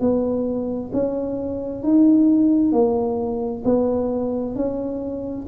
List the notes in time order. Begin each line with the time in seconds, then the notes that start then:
0.00 B3
0.93 C#4
1.83 D#4
2.72 A#3
3.64 B3
4.55 C#4